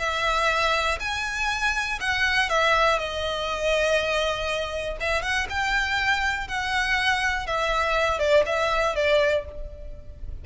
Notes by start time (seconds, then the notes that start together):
0.00 E5
1.00 G#5
2.01 F#5
2.50 E5
2.99 D#5
5.01 E5
5.23 F#5
5.50 G5
6.48 F#5
7.47 E5
8.20 D5
8.46 E5
8.96 D5